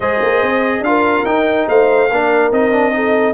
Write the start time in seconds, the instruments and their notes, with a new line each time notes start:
0.00 tuba G#3, trombone G#4, horn C5, trumpet D#5
0.21 tuba A#3
0.42 tuba C4
0.80 tuba D4, trombone F4, trumpet F5
0.87 horn A#4
1.25 tuba D#4, trombone D#4, trumpet G5
1.68 tuba A3, horn C5, trumpet F5
2.10 tuba A#3, trombone D4, horn A#4
2.51 tuba C4, trombone D#4, trumpet D#5
2.72 trombone D4
2.92 trombone D#4, horn A4